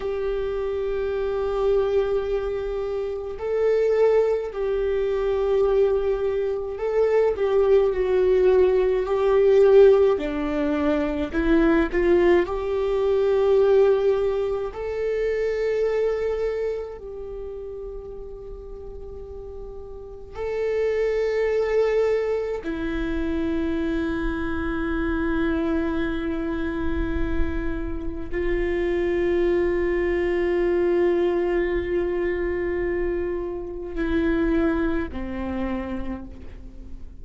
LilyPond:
\new Staff \with { instrumentName = "viola" } { \time 4/4 \tempo 4 = 53 g'2. a'4 | g'2 a'8 g'8 fis'4 | g'4 d'4 e'8 f'8 g'4~ | g'4 a'2 g'4~ |
g'2 a'2 | e'1~ | e'4 f'2.~ | f'2 e'4 c'4 | }